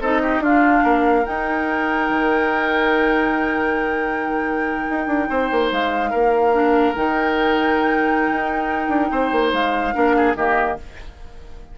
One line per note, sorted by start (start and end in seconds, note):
0.00 0.39 C4
0.00 0.45 D#4
0.00 0.22 A4
0.00 0.43 D#5
0.22 0.43 G4
0.39 0.81 D4
0.39 1.24 D4
0.39 0.84 F4
0.39 1.26 F5
0.84 1.25 A#3
0.84 5.28 A#4
1.24 6.52 D#4
1.24 2.09 D#4
1.24 5.71 G5
2.09 4.88 D#3
4.89 5.07 D#4
5.07 5.27 D4
5.29 5.51 C4
5.29 6.10 C5
5.51 5.72 A#3
5.71 6.13 G#3
5.71 6.95 F5
6.10 6.96 A#3
6.10 9.10 A#4
6.53 6.94 D4
6.95 8.30 D#3
6.95 9.94 D#4
6.95 9.53 G5
8.30 8.88 D#4
8.88 9.09 D4
9.12 9.32 C4
9.12 9.94 C5
9.32 9.53 A#3
9.53 9.94 G#3
9.53 10.36 F5
9.94 10.36 A#3
9.94 10.35 D4
9.94 10.16 A#4
10.16 10.37 G#4
10.36 10.77 D#3
10.36 10.78 A#3
10.36 10.78 G4
10.36 10.78 D#5